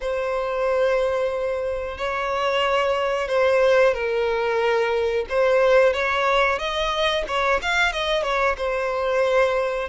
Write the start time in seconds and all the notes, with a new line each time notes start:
0.00 C5
1.98 C#5
3.28 C5
3.94 A#4
5.29 C5
5.93 C#5
6.58 D#5
7.27 C#5
7.62 F5
7.92 D#5
8.22 C#5
8.57 C5